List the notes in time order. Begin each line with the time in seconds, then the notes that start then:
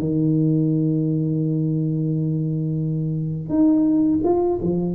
0.00 D#3
3.49 D#4
4.24 F4
4.62 F3